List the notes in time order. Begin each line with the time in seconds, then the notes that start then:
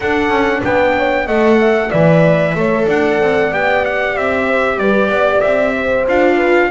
0.00 D4 A4 F#5
0.29 C#4
0.63 B3 B4 G5
0.97 C#5
1.26 A3 A4 D#5 F#5
1.58 E5
1.90 E3 B4 D5 E5
2.55 A3 A4 C#5
2.86 D4 D5 F#5
3.20 C4
3.51 B3 G4 G5
3.85 F#5
4.15 C4 E5
4.47 C5
4.77 G3 B4 D5
5.09 B3 D5
5.41 C4 E5
5.75 C5
6.07 D4 F4 F5
6.36 B4